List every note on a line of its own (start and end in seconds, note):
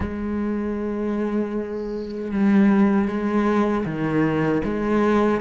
0.00 2.31 G#3
2.31 3.08 G3
3.08 3.85 G#3
3.85 4.62 D#3
4.64 5.41 G#3